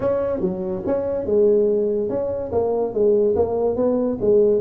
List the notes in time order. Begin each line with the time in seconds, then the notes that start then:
0.00 C#4
0.40 F#3
0.86 C#4
1.25 G#3
2.09 C#4
2.52 A#3
2.93 G#3
3.35 A#3
3.76 B3
4.20 G#3